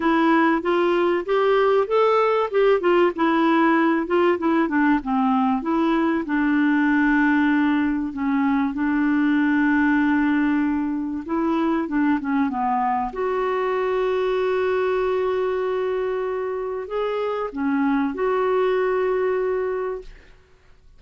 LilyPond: \new Staff \with { instrumentName = "clarinet" } { \time 4/4 \tempo 4 = 96 e'4 f'4 g'4 a'4 | g'8 f'8 e'4. f'8 e'8 d'8 | c'4 e'4 d'2~ | d'4 cis'4 d'2~ |
d'2 e'4 d'8 cis'8 | b4 fis'2.~ | fis'2. gis'4 | cis'4 fis'2. | }